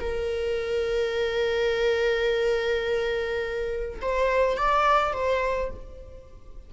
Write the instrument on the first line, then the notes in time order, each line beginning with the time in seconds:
viola
0.00 A#4
4.02 C5
4.57 D5
5.14 C5